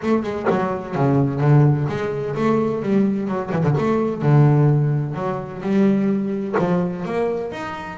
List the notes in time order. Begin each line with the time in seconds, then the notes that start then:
0.02 A3
0.23 G#3
0.49 F#3
0.95 C#3
1.40 D3
1.88 G#3
2.35 A3
2.82 G3
3.27 F#3
3.52 E3
3.63 D3
3.78 A3
4.22 D3
5.14 F#3
5.61 G3
6.59 F3
7.05 A#3
7.51 D#4